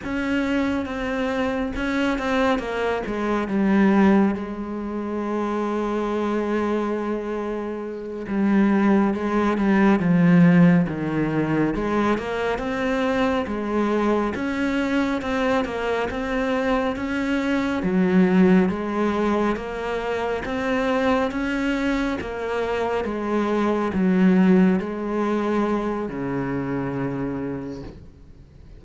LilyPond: \new Staff \with { instrumentName = "cello" } { \time 4/4 \tempo 4 = 69 cis'4 c'4 cis'8 c'8 ais8 gis8 | g4 gis2.~ | gis4. g4 gis8 g8 f8~ | f8 dis4 gis8 ais8 c'4 gis8~ |
gis8 cis'4 c'8 ais8 c'4 cis'8~ | cis'8 fis4 gis4 ais4 c'8~ | c'8 cis'4 ais4 gis4 fis8~ | fis8 gis4. cis2 | }